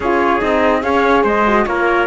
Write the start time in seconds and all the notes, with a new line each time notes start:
0.00 C#4 F4 G#4 C#5
0.39 C4 D#4 D#5
0.81 C#4 G#4 C#5 F5
1.23 G#3 C5 D#5
1.47 F#4
1.66 A#3 F4 A#4 C#5